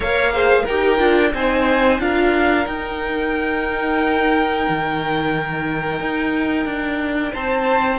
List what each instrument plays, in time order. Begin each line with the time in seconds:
0.00 cello A#3, viola A#4, violin C#5 F5
0.32 viola G#4, violin C5
0.62 violin A#4 G5
0.69 cello D#4, viola G4
0.98 cello D4, viola F4
1.34 cello C4, viola D#4, violin C5 G#5
1.99 cello D4, viola F4, violin A#4 F5
2.66 cello D#4, viola D#4, violin G5
4.68 cello D#3
6.00 cello D#4
6.65 cello D4
7.32 cello C4, violin C5 A5